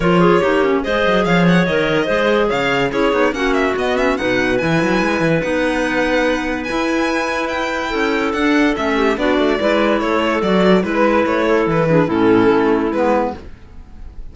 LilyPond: <<
  \new Staff \with { instrumentName = "violin" } { \time 4/4 \tempo 4 = 144 cis''2 dis''4 f''8 fis''8 | dis''2 f''4 cis''4 | fis''8 e''8 dis''8 e''8 fis''4 gis''4~ | gis''4 fis''2. |
gis''2 g''2 | fis''4 e''4 d''2 | cis''4 d''4 b'4 cis''4 | b'4 a'2 b'4 | }
  \new Staff \with { instrumentName = "clarinet" } { \time 4/4 ais'8 gis'8 g'4 c''4 cis''4~ | cis''4 c''4 cis''4 gis'4 | fis'2 b'2~ | b'1~ |
b'2. a'4~ | a'4. g'8 fis'4 b'4 | a'2 b'4. a'8~ | a'8 gis'8 e'2. | }
  \new Staff \with { instrumentName = "clarinet" } { \time 4/4 f'4 dis'8 cis'8 gis'2 | ais'4 gis'2 e'8 dis'8 | cis'4 b8 cis'8 dis'4 e'4~ | e'4 dis'2. |
e'1 | d'4 cis'4 d'4 e'4~ | e'4 fis'4 e'2~ | e'8 d'8 cis'2 b4 | }
  \new Staff \with { instrumentName = "cello" } { \time 4/4 f4 ais4 gis8 fis8 f4 | dis4 gis4 cis4 cis'8 b8 | ais4 b4 b,4 e8 fis8 | gis8 e8 b2. |
e'2. cis'4 | d'4 a4 b8 a8 gis4 | a4 fis4 gis4 a4 | e4 a,4 a4 gis4 | }
>>